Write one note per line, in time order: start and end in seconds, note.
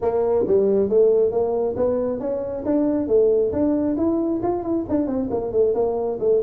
0.01 0.45 A#3
0.47 0.89 G3
0.89 1.31 A3
1.31 1.75 A#3
1.76 2.19 B3
2.19 2.64 C#4
2.65 3.07 D4
3.07 3.52 A3
3.52 3.96 D4
3.96 4.40 E4
4.42 4.62 F4
4.62 4.84 E4
4.89 5.07 D4
5.07 5.29 C4
5.30 5.51 A#3
5.51 5.74 A3
5.74 6.18 A#3
6.19 6.41 A3